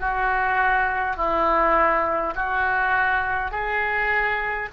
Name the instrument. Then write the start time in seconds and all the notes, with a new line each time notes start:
oboe
0.00 F#4
1.17 E4
2.35 F#4
3.51 G#4